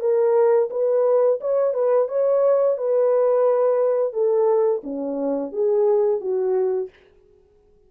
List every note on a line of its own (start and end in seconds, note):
0.00 0.69 A#4
0.70 1.39 B4
1.41 1.74 C#5
1.74 2.08 B4
2.08 2.77 C#5
2.77 4.13 B4
4.13 4.82 A4
4.83 5.52 C#4
5.52 6.21 G#4
6.21 6.90 F#4